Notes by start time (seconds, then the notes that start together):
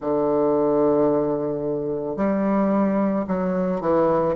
0.00 D3
2.16 G3
3.27 F#3
3.80 E3